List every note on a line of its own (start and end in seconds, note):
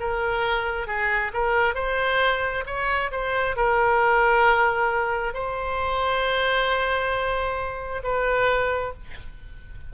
0.00 0.87 A#4
0.87 1.32 G#4
1.34 1.75 A#4
1.75 2.64 C5
2.66 3.11 C#5
3.11 3.56 C5
3.56 5.34 A#4
5.34 8.02 C5
8.04 8.93 B4